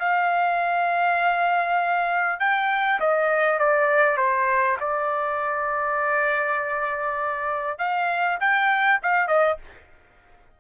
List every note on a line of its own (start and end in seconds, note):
0.00 2.40 F5
2.40 3.00 G5
3.01 3.60 D#5
3.60 4.18 D5
4.18 4.78 C5
4.81 7.79 D5
7.79 8.39 F5
8.41 9.01 G5
9.03 9.28 F5
9.28 9.58 D#5